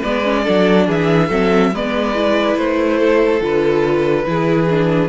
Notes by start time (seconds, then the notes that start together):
0.00 G#3 B3 B4 D5
0.24 C#4
0.44 F#3 D4 A4
0.87 E3 G#4 E5
1.29 F#3 C4 A4
1.72 G#3 B3 B4 D5
2.15 E4
2.56 A3 C5
2.99 A4
3.41 D3 F4 B4
4.26 E3 E4 G#4
4.70 D4